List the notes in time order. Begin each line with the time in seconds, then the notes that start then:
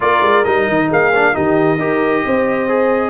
0.00 A#3 F4 A#4 D5
0.21 G#3
0.44 G3 D#4 D#5
0.68 D#3
0.88 A#3 G#4 F5
1.15 D4
1.33 D#3 D#4 G4 D#5
1.78 D#4 G4 A#4
2.25 C4 C5
2.68 G#4